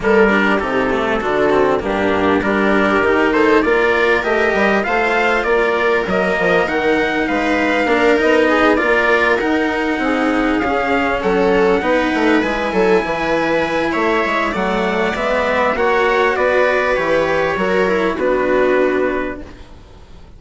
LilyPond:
<<
  \new Staff \with { instrumentName = "trumpet" } { \time 4/4 \tempo 4 = 99 ais'4 a'2 g'4 | ais'4. c''8 d''4 dis''4 | f''4 d''4 dis''4 fis''4 | f''4. dis''4 d''4 fis''8~ |
fis''4. f''4 fis''4.~ | fis''8 gis''2~ gis''8 e''4 | fis''4 e''4 fis''4 d''4 | cis''2 b'2 | }
  \new Staff \with { instrumentName = "viola" } { \time 4/4 a'8 g'4. fis'4 d'4 | g'4. a'8 ais'2 | c''4 ais'2. | b'4 ais'4 gis'8 ais'4.~ |
ais'8 gis'2 a'4 b'8~ | b'4 a'8 b'4. cis''4 | d''2 cis''4 b'4~ | b'4 ais'4 fis'2 | }
  \new Staff \with { instrumentName = "cello" } { \time 4/4 ais8 d'8 dis'8 a8 d'8 c'8 ais4 | d'4 dis'4 f'4 g'4 | f'2 ais4 dis'4~ | dis'4 d'8 dis'4 f'4 dis'8~ |
dis'4. cis'2 dis'8~ | dis'8 e'2.~ e'8 | a4 b4 fis'2 | g'4 fis'8 e'8 d'2 | }
  \new Staff \with { instrumentName = "bassoon" } { \time 4/4 g4 c4 d4 g,4 | g4 dis4 ais4 a8 g8 | a4 ais4 fis8 f8 dis4 | gis4 ais8 b4 ais4 dis'8~ |
dis'8 c'4 cis'4 fis4 b8 | a8 gis8 fis8 e4. a8 gis8 | fis4 gis4 ais4 b4 | e4 fis4 b2 | }
>>